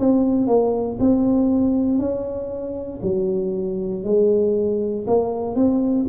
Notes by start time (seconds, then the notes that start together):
0.00 C4
0.48 A#3
1.00 C4
1.99 C#4
3.03 F#3
4.04 G#3
5.08 A#3
5.56 C4